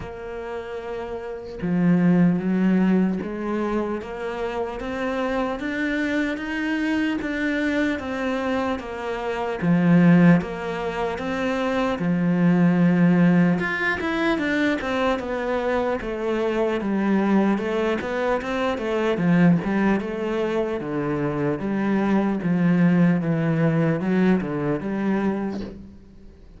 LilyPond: \new Staff \with { instrumentName = "cello" } { \time 4/4 \tempo 4 = 75 ais2 f4 fis4 | gis4 ais4 c'4 d'4 | dis'4 d'4 c'4 ais4 | f4 ais4 c'4 f4~ |
f4 f'8 e'8 d'8 c'8 b4 | a4 g4 a8 b8 c'8 a8 | f8 g8 a4 d4 g4 | f4 e4 fis8 d8 g4 | }